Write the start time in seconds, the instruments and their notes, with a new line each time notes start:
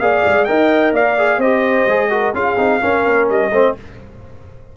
0.00 tuba A#3, trombone G#4, horn D5, trumpet F5
0.26 tuba G#3
0.45 tuba D#4, trombone A#4, horn D#5, trumpet G5
0.93 tuba A#3, horn D5, trumpet F5
1.18 trombone G#4
1.38 tuba C4, trombone G4, horn C5, trumpet D#5
1.87 tuba G#3, trombone G#4
2.10 trombone F#4, horn A#4
2.34 tuba C#4, trombone F4, horn G#4, trumpet F5
2.57 tuba C4, trombone D#4
2.82 trombone C#4, tuba C#4, horn A#4
3.07 tuba A#3
3.30 tuba G3, trumpet D#5
3.52 tuba A3, trombone C4, horn C5